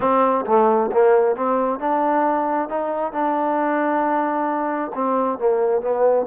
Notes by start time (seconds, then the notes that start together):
0.00 C4
0.46 A3
0.92 A#3
1.36 C4
1.79 D4
2.69 D#4
3.12 D4
4.94 C4
5.38 A#3
5.81 B3